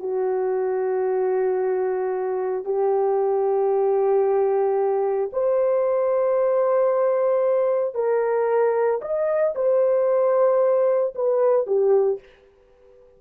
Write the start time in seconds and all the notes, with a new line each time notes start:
0.00 F#4
2.65 G4
5.33 C5
7.95 A#4
9.02 D#5
9.55 C5
11.16 B4
11.67 G4